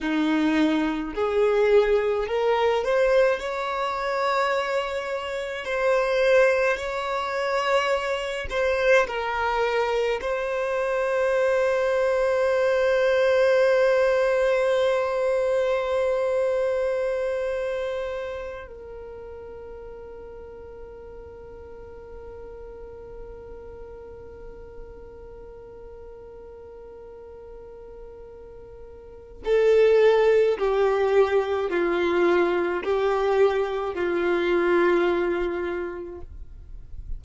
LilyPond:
\new Staff \with { instrumentName = "violin" } { \time 4/4 \tempo 4 = 53 dis'4 gis'4 ais'8 c''8 cis''4~ | cis''4 c''4 cis''4. c''8 | ais'4 c''2.~ | c''1~ |
c''8 ais'2.~ ais'8~ | ais'1~ | ais'2 a'4 g'4 | f'4 g'4 f'2 | }